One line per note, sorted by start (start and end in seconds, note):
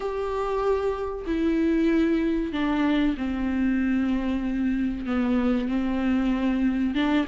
0.00 1.25 G4
1.26 2.52 E4
2.52 3.15 D4
3.17 5.06 C4
5.06 5.68 B3
5.68 6.94 C4
6.94 7.26 D4